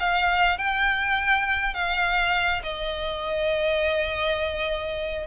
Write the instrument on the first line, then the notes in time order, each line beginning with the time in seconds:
violin
0.00 F5
0.58 G5
1.74 F5
2.63 D#5